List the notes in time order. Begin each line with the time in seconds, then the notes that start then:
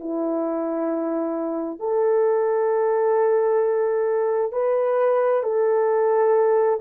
0.00 E4
1.80 A4
4.52 B4
5.43 A4